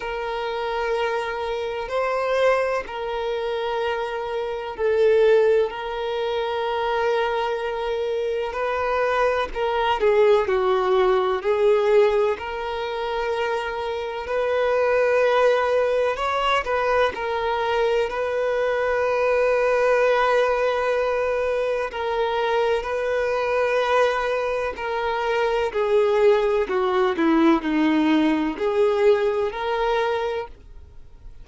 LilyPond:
\new Staff \with { instrumentName = "violin" } { \time 4/4 \tempo 4 = 63 ais'2 c''4 ais'4~ | ais'4 a'4 ais'2~ | ais'4 b'4 ais'8 gis'8 fis'4 | gis'4 ais'2 b'4~ |
b'4 cis''8 b'8 ais'4 b'4~ | b'2. ais'4 | b'2 ais'4 gis'4 | fis'8 e'8 dis'4 gis'4 ais'4 | }